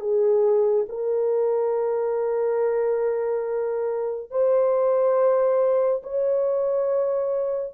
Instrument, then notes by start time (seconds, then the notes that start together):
horn
0.00 G#4
0.88 A#4
4.31 C5
6.03 C#5